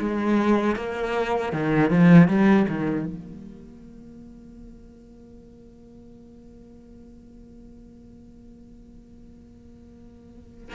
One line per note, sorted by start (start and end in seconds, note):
0.00 0.76 G#3
0.76 1.53 A#3
1.53 1.91 D#3
1.91 2.28 F3
2.28 2.67 G3
2.69 3.06 D#3
3.06 10.75 A#3